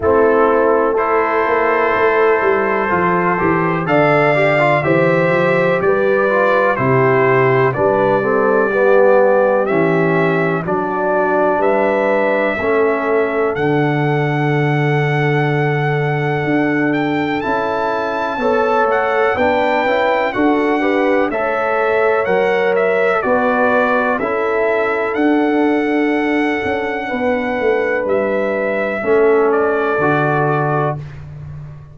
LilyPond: <<
  \new Staff \with { instrumentName = "trumpet" } { \time 4/4 \tempo 4 = 62 a'4 c''2. | f''4 e''4 d''4 c''4 | d''2 e''4 d''4 | e''2 fis''2~ |
fis''4. g''8 a''4. fis''8 | g''4 fis''4 e''4 fis''8 e''8 | d''4 e''4 fis''2~ | fis''4 e''4. d''4. | }
  \new Staff \with { instrumentName = "horn" } { \time 4/4 e'4 a'2. | d''4 c''4 b'4 g'4 | b'8 a'8 g'2 fis'4 | b'4 a'2.~ |
a'2. cis''4 | b'4 a'8 b'8 cis''2 | b'4 a'2. | b'2 a'2 | }
  \new Staff \with { instrumentName = "trombone" } { \time 4/4 c'4 e'2 f'8 g'8 | a'8 g'16 f'16 g'4. f'8 e'4 | d'8 c'8 b4 cis'4 d'4~ | d'4 cis'4 d'2~ |
d'2 e'4 a'4 | d'8 e'8 fis'8 g'8 a'4 ais'4 | fis'4 e'4 d'2~ | d'2 cis'4 fis'4 | }
  \new Staff \with { instrumentName = "tuba" } { \time 4/4 a4. ais8 a8 g8 f8 e8 | d4 e8 f8 g4 c4 | g2 e4 fis4 | g4 a4 d2~ |
d4 d'4 cis'4 b8 a8 | b8 cis'8 d'4 a4 fis4 | b4 cis'4 d'4. cis'8 | b8 a8 g4 a4 d4 | }
>>